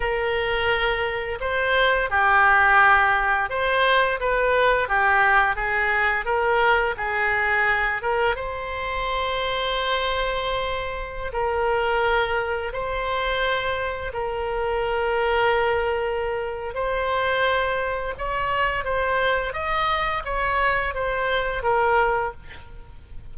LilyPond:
\new Staff \with { instrumentName = "oboe" } { \time 4/4 \tempo 4 = 86 ais'2 c''4 g'4~ | g'4 c''4 b'4 g'4 | gis'4 ais'4 gis'4. ais'8 | c''1~ |
c''16 ais'2 c''4.~ c''16~ | c''16 ais'2.~ ais'8. | c''2 cis''4 c''4 | dis''4 cis''4 c''4 ais'4 | }